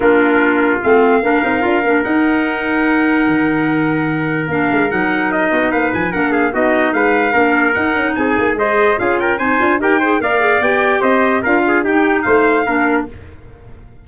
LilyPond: <<
  \new Staff \with { instrumentName = "trumpet" } { \time 4/4 \tempo 4 = 147 ais'2 f''2~ | f''4 fis''2.~ | fis''2. f''4 | fis''4 dis''4 f''8 gis''8 fis''8 f''8 |
dis''4 f''2 fis''4 | gis''4 dis''4 f''8 g''8 gis''4 | g''4 f''4 g''4 dis''4 | f''4 g''4 f''2 | }
  \new Staff \with { instrumentName = "trumpet" } { \time 4/4 f'2. ais'4~ | ais'1~ | ais'1~ | ais'4. fis'8 b'4 ais'8 gis'8 |
fis'4 b'4 ais'2 | gis'4 c''4 gis'8 ais'8 c''4 | ais'8 c''8 d''2 c''4 | ais'8 gis'8 g'4 c''4 ais'4 | }
  \new Staff \with { instrumentName = "clarinet" } { \time 4/4 d'2 c'4 d'8 dis'8 | f'8 d'8 dis'2.~ | dis'2. d'4 | dis'2. d'4 |
dis'2 d'4 dis'4~ | dis'4 gis'4 f'4 dis'8 f'8 | g'8 gis'8 ais'8 gis'8 g'2 | f'4 dis'2 d'4 | }
  \new Staff \with { instrumentName = "tuba" } { \time 4/4 ais2 a4 ais8 c'8 | d'8 ais8 dis'2. | dis2. ais8 gis8 | fis4. b8 ais8 f8 ais4 |
b4 gis4 ais4 dis'8 cis'8 | c'8 ais8 gis4 cis'4 c'8 d'8 | dis'4 ais4 b4 c'4 | d'4 dis'4 a4 ais4 | }
>>